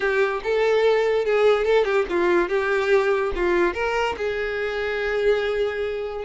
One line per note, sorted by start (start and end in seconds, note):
0.00 0.41 G4
0.43 1.25 A4
1.25 1.65 G#4
1.65 1.84 A4
1.84 2.05 G4
2.09 2.48 F4
2.48 3.32 G4
3.35 3.74 F4
3.74 4.15 A#4
4.17 6.24 G#4